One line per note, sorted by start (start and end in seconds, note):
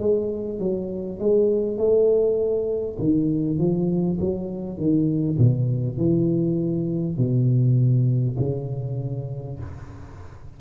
0.00 0.59 G#3
0.59 1.19 F#3
1.19 1.78 G#3
1.78 2.98 A3
2.99 3.59 D#3
3.59 4.19 F3
4.21 4.78 F#3
4.78 5.38 D#3
5.39 5.98 B2
5.98 7.18 E3
7.18 8.38 B2
8.40 9.60 C#3